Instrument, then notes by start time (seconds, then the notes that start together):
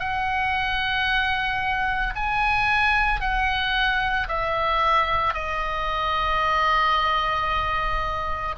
oboe
0.00 F#5
2.16 G#5
3.21 F#5
4.29 E5
5.34 D#5